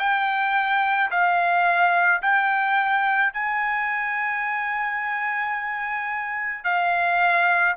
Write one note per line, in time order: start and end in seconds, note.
0.00 1.11 G5
1.11 2.22 F5
2.23 3.34 G5
3.34 6.65 G#5
6.65 7.76 F5